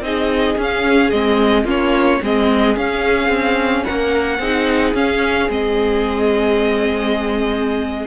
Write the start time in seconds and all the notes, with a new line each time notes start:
0.00 C4 D#4 G#4 D#5
0.57 C#4 F5
1.10 G#3 C4 D#5
1.63 A#3 C#4 F4 C#5
2.22 G#3 C4 G#4 D#5
2.76 C#4 F5
3.28 C4
3.84 A#3 A#4 F#5
4.38 C4 D#4 G#4
4.94 C#4 F5
5.49 G#3 C4 D#5